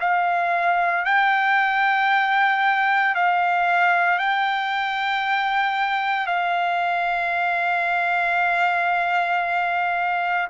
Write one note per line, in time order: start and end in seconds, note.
0.00 1.04 F5
1.04 3.15 G5
3.15 4.18 F5
4.18 6.26 G5
6.26 10.47 F5